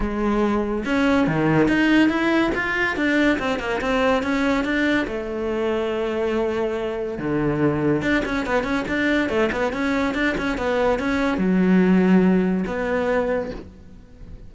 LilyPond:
\new Staff \with { instrumentName = "cello" } { \time 4/4 \tempo 4 = 142 gis2 cis'4 dis4 | dis'4 e'4 f'4 d'4 | c'8 ais8 c'4 cis'4 d'4 | a1~ |
a4 d2 d'8 cis'8 | b8 cis'8 d'4 a8 b8 cis'4 | d'8 cis'8 b4 cis'4 fis4~ | fis2 b2 | }